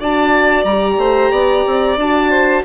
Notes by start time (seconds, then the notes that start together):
0.00 D4 F#4 D5 A5
0.64 G3 G4 A#5
0.98 A3 C5
1.32 B3 D5
1.67 C4
1.97 D4 F#4 A5
2.30 C5